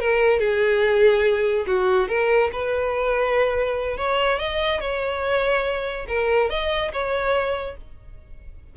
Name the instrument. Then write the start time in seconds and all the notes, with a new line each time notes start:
violin
0.00 A#4
0.40 G#4
1.67 F#4
2.08 A#4
2.52 B4
3.97 C#5
4.39 D#5
4.80 C#5
6.08 A#4
6.50 D#5
6.93 C#5